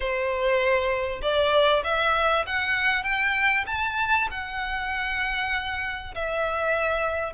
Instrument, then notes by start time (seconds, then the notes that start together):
violin
0.00 C5
1.22 D5
1.83 E5
2.46 F#5
3.03 G5
3.66 A5
4.31 F#5
6.14 E5